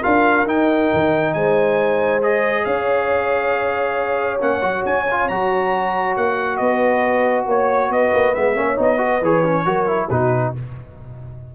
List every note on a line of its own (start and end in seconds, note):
0.00 0.46 D4
0.00 0.46 F4
0.00 1.31 A#4
0.00 0.47 F5
0.46 2.21 D#4
0.46 0.90 D#4
0.46 1.34 G5
0.93 1.34 D#3
1.34 2.66 G#3
1.34 2.65 C5
1.34 2.21 G#5
2.22 4.39 G#4
2.22 2.65 D#5
2.65 4.41 C#4
2.65 6.59 C#5
2.65 4.40 F5
4.39 4.62 A#3
4.39 4.61 C#4
4.39 4.85 F#5
4.61 4.84 F#3
4.61 5.05 F#4
4.85 5.29 C#4
4.85 5.28 G#5
5.11 5.30 F4
5.28 6.17 F#3
5.28 8.35 F#4
5.28 6.16 A#5
6.16 6.60 A#3
6.16 6.57 F#5
6.57 7.46 B3
6.57 7.47 B4
6.57 7.44 D#5
7.46 7.89 A#3
7.46 7.88 C#5
7.46 7.92 C#5
7.88 8.11 B3
7.88 8.54 B4
7.88 8.34 D#5
8.13 8.35 A#3
8.34 8.55 G#3
8.34 8.54 B3
8.34 8.78 E5
8.54 8.77 A#3
8.54 8.76 C#4
8.54 8.99 C#5
8.76 9.22 B3
8.76 8.97 D#4
8.82 9.24 D#5
8.97 9.19 F#4
8.97 9.65 B4
9.22 9.65 E3
9.22 9.44 G#4
9.22 10.09 C#5
9.44 9.65 C#4
9.65 10.09 F#3
9.65 9.87 F#4
9.65 10.08 A#4
9.87 10.08 E4
10.08 10.54 B2
10.08 10.55 D#4
10.08 10.52 F#4
10.08 10.53 B4